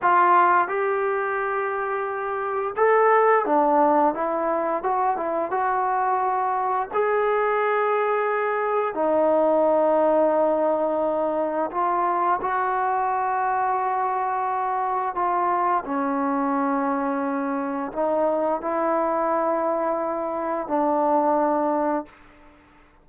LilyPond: \new Staff \with { instrumentName = "trombone" } { \time 4/4 \tempo 4 = 87 f'4 g'2. | a'4 d'4 e'4 fis'8 e'8 | fis'2 gis'2~ | gis'4 dis'2.~ |
dis'4 f'4 fis'2~ | fis'2 f'4 cis'4~ | cis'2 dis'4 e'4~ | e'2 d'2 | }